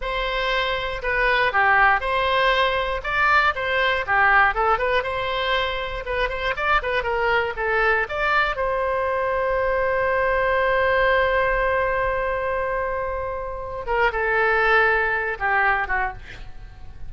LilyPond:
\new Staff \with { instrumentName = "oboe" } { \time 4/4 \tempo 4 = 119 c''2 b'4 g'4 | c''2 d''4 c''4 | g'4 a'8 b'8 c''2 | b'8 c''8 d''8 b'8 ais'4 a'4 |
d''4 c''2.~ | c''1~ | c''2.~ c''8 ais'8 | a'2~ a'8 g'4 fis'8 | }